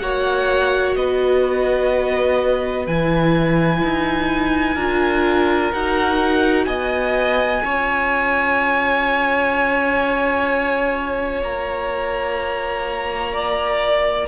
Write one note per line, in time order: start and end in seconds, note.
0.00 0.97 A#3
0.00 2.87 F#4
0.00 0.98 C#5
0.00 0.95 F#5
0.96 2.87 B3
0.96 4.76 B4
0.96 2.87 D#5
2.87 3.83 E3
2.87 4.78 E4
2.87 5.73 G#5
3.84 4.76 D#4
4.76 5.72 D4
4.76 5.73 F4
4.76 6.66 A#4
5.73 6.66 D#4
5.73 7.63 F#4
5.73 6.66 F#5
6.66 7.62 B3
6.66 7.63 D#5
6.66 11.42 G#5
7.63 11.42 C#4
7.63 14.29 F4
7.63 13.33 C#5
11.42 14.28 A#3
11.42 14.29 A#5
13.33 14.28 D5